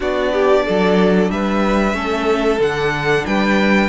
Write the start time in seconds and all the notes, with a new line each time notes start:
0.00 B3 D4 F#4 D5
0.32 G4
0.65 F#3 A4
1.30 G3 B4 E5
1.92 A3 C#4 A4
2.59 D3 D4 F#5
3.25 G3 B4 G5